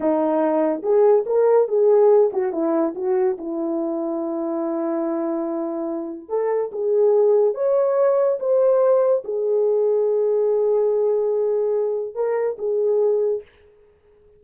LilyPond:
\new Staff \with { instrumentName = "horn" } { \time 4/4 \tempo 4 = 143 dis'2 gis'4 ais'4 | gis'4. fis'8 e'4 fis'4 | e'1~ | e'2. a'4 |
gis'2 cis''2 | c''2 gis'2~ | gis'1~ | gis'4 ais'4 gis'2 | }